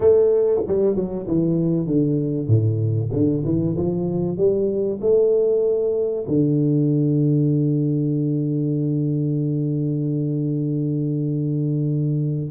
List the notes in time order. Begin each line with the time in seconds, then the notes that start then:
0.00 A3
0.67 G3
0.95 F#3
1.27 E3
1.86 D3
2.47 A2
3.12 D3
3.45 E3
3.76 F3
4.37 G3
5.01 A3
6.27 D3